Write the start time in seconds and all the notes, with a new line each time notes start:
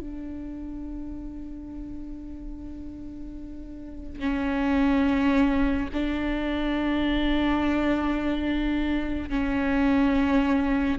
0.00 D4
4.19 C#4
5.93 D4
9.30 C#4